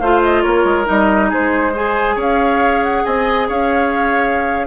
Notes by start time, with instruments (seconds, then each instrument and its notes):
0.00 bassoon A3, clarinet F4, oboe C5, flute F5
0.23 flute D#5
0.43 bassoon A#3, oboe A#4, flute C#5
0.64 bassoon G#3
0.85 bassoon G3, clarinet D#4, flute D#5
1.29 bassoon G#3, oboe G#4, flute C5
1.73 clarinet G#4, oboe C5, flute G#5
2.16 bassoon C#4, oboe C#5, flute F5
2.83 flute F#5
3.05 bassoon C4, oboe D#5, flute G#5
3.48 bassoon C#4, oboe C#5, flute F5